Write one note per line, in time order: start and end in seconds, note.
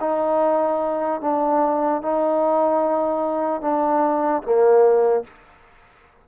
0.00 1.21 D#4
1.21 2.02 D4
2.02 3.61 D#4
3.61 4.42 D4
4.43 5.24 A#3